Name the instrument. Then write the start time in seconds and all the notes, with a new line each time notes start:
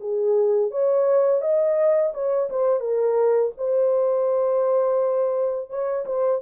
horn
0.00 G#4
0.70 C#5
1.41 D#5
2.13 C#5
2.49 C5
2.80 A#4
3.57 C5
5.69 C#5
6.05 C5